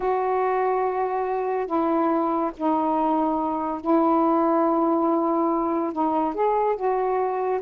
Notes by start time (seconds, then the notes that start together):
0.00 F#4
1.66 E4
2.56 D#4
3.81 E4
5.93 D#4
6.34 G#4
6.76 F#4